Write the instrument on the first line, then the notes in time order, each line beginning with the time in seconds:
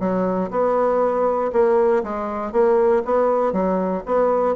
bassoon
0.00 F#3
0.51 B3
1.53 A#3
2.04 G#3
2.52 A#3
3.05 B3
3.53 F#3
4.06 B3